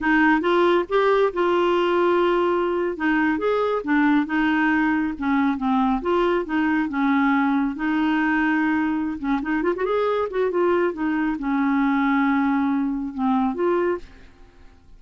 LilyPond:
\new Staff \with { instrumentName = "clarinet" } { \time 4/4 \tempo 4 = 137 dis'4 f'4 g'4 f'4~ | f'2~ f'8. dis'4 gis'16~ | gis'8. d'4 dis'2 cis'16~ | cis'8. c'4 f'4 dis'4 cis'16~ |
cis'4.~ cis'16 dis'2~ dis'16~ | dis'4 cis'8 dis'8 f'16 fis'16 gis'4 fis'8 | f'4 dis'4 cis'2~ | cis'2 c'4 f'4 | }